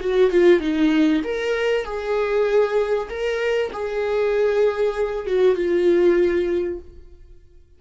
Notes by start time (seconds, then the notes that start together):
0.00 F#4
0.31 F4
0.60 D#4
1.24 A#4
1.85 G#4
3.10 A#4
3.73 G#4
5.26 F#4
5.56 F4